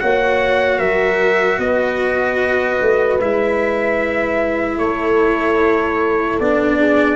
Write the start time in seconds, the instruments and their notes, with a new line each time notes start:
0.00 tuba A#3, cello F#4, horn C#5, trumpet F#5
0.79 tuba F#3, horn A#4, trumpet E5
1.59 tuba B3, horn B4, trumpet D#5
2.82 tuba A3
3.21 tuba G#3, cello E4, trumpet E5
4.78 tuba A3, horn A4, trumpet C#5
6.40 tuba B3, cello D4, trumpet D5
6.79 horn G#4